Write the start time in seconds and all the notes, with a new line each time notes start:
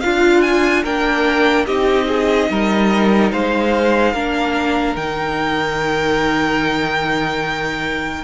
0.00 D4 F4 F5
0.41 G#5
0.83 A#3 D4 A#4 G5
1.66 C4 D#4 G4 D#5
2.08 G#4
2.50 G3 A#4
3.32 G#3 C5 F5
4.13 A#3 D4 A#4
4.96 D#3 D#4 G5